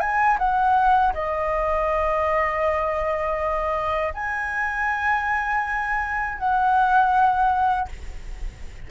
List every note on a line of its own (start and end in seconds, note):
0.00 0.38 G#5
0.38 1.13 F#5
1.13 4.13 D#5
4.14 6.38 G#5
6.38 7.88 F#5